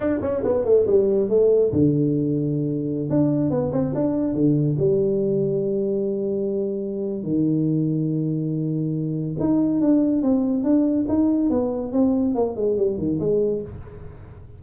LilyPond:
\new Staff \with { instrumentName = "tuba" } { \time 4/4 \tempo 4 = 141 d'8 cis'8 b8 a8 g4 a4 | d2.~ d16 d'8.~ | d'16 b8 c'8 d'4 d4 g8.~ | g1~ |
g4 dis2.~ | dis2 dis'4 d'4 | c'4 d'4 dis'4 b4 | c'4 ais8 gis8 g8 dis8 gis4 | }